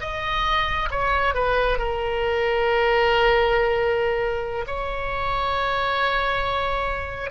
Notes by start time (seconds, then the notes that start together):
0.00 D#5
0.91 C#5
1.34 B4
1.78 A#4
4.67 C#5